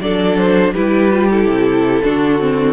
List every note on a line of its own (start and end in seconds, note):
0.00 0.73 F#3
0.00 0.75 D4
0.00 0.73 A4
0.00 0.37 D5
0.37 0.73 C5
0.73 1.45 G3
0.73 1.11 E4
0.73 2.01 G4
0.73 1.28 B4
1.11 1.29 F4
1.30 2.03 E4
1.30 2.73 A4
1.45 2.00 C3
2.03 2.73 D3
2.03 2.39 D4
2.03 2.73 F#4
2.39 2.73 C4